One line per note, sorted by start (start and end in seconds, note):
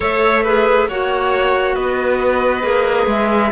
0.00 0.89 A3
0.00 0.44 A4
0.00 0.43 C#5
0.00 0.88 E5
0.43 0.89 G#4
0.43 0.87 B4
0.88 1.76 A#3
0.88 2.62 F#4
0.88 1.75 C#5
0.88 1.75 F#5
1.75 2.63 B3
1.75 3.51 B4
1.75 3.07 D#5
2.62 3.06 A#3
2.62 3.50 G#4
3.06 3.50 G#3
3.06 3.51 E5